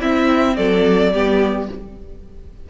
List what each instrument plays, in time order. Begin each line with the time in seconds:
0.00 viola C4, cello C4, violin E4 E5
0.56 cello F#3, violin A4 D5
1.12 cello G3, viola B3, violin G4